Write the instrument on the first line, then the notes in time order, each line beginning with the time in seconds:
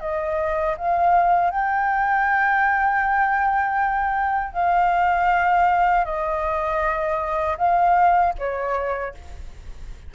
flute
0.00 D#5
0.77 F5
1.50 G5
4.53 F5
6.05 D#5
7.57 F5
8.38 C#5